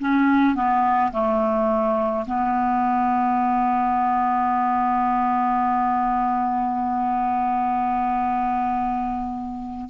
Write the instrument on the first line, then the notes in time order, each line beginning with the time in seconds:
clarinet
0.00 C#4
0.55 B3
1.12 A3
2.26 B3